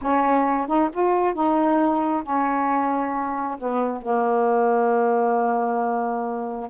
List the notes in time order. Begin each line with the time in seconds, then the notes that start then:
0.01 C#4
0.67 D#4
0.93 F4
1.34 D#4
2.23 C#4
3.58 B3
4.02 A#3